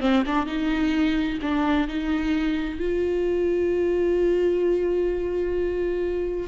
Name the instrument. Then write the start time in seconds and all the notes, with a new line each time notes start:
viola
0.00 C4
0.26 D4
0.46 D#4
1.42 D4
1.88 D#4
2.79 F4